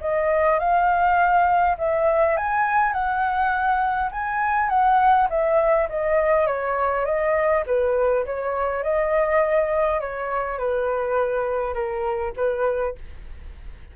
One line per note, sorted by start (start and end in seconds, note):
0.00 0.59 D#5
0.59 1.77 F5
1.78 2.36 E5
2.36 2.93 G#5
2.93 4.10 F#5
4.11 4.69 G#5
4.69 5.28 F#5
5.29 5.88 E5
5.89 6.47 D#5
6.47 7.05 C#5
7.05 7.64 D#5
7.66 8.25 B4
8.25 8.83 C#5
8.83 10.00 D#5
10.00 10.58 C#5
10.58 11.74 B4
11.74 12.33 A#4
12.36 12.95 B4